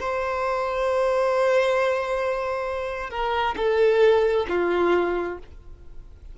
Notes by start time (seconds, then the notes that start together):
0.00 C5
3.10 A#4
3.57 A4
4.49 F4